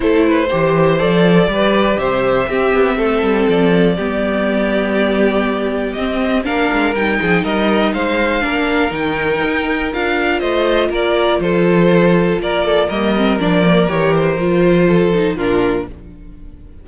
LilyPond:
<<
  \new Staff \with { instrumentName = "violin" } { \time 4/4 \tempo 4 = 121 c''2 d''2 | e''2. d''4~ | d''1 | dis''4 f''4 g''4 dis''4 |
f''2 g''2 | f''4 dis''4 d''4 c''4~ | c''4 d''4 dis''4 d''4 | cis''8 c''2~ c''8 ais'4 | }
  \new Staff \with { instrumentName = "violin" } { \time 4/4 a'8 b'8 c''2 b'4 | c''4 g'4 a'2 | g'1~ | g'4 ais'4. gis'8 ais'4 |
c''4 ais'2.~ | ais'4 c''4 ais'4 a'4~ | a'4 ais'8 a'8 ais'2~ | ais'2 a'4 f'4 | }
  \new Staff \with { instrumentName = "viola" } { \time 4/4 e'4 g'4 a'4 g'4~ | g'4 c'2. | b1 | c'4 d'4 dis'2~ |
dis'4 d'4 dis'2 | f'1~ | f'2 ais8 c'8 d'8 ais8 | g'4 f'4. dis'8 d'4 | }
  \new Staff \with { instrumentName = "cello" } { \time 4/4 a4 e4 f4 g4 | c4 c'8 b8 a8 g8 f4 | g1 | c'4 ais8 gis8 g8 f8 g4 |
gis4 ais4 dis4 dis'4 | d'4 a4 ais4 f4~ | f4 ais4 g4 f4 | e4 f2 ais,4 | }
>>